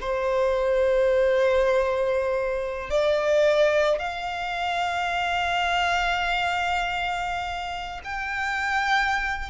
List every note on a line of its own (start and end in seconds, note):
0.00 2.90 C5
2.90 3.98 D5
3.98 8.01 F5
8.04 9.49 G5